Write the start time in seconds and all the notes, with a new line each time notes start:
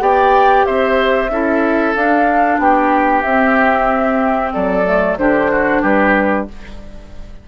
0.00 B3 G4 D5 G5
0.65 C4 C5 E5
1.30 C#4 E4 A4
1.95 D4 F5
2.59 B3 G4 G5
3.23 C4 E5
4.53 F#3 A4 D5
4.85 A3
5.18 D3 D4 G4 C5
5.51 F#4
5.82 G3 G4 B4